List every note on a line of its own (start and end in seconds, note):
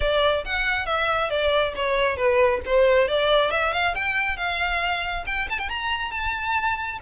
0.00 0.44 D5
0.45 0.86 F#5
0.86 1.29 E5
1.29 1.73 D5
1.75 2.16 C#5
2.16 2.60 B4
2.65 3.08 C5
3.08 3.50 D5
3.50 3.72 E5
3.72 3.94 F5
3.94 4.36 G5
4.36 5.24 F5
5.26 5.48 G5
5.49 5.58 A5
5.58 5.69 G5
5.69 6.11 A#5
6.11 6.99 A5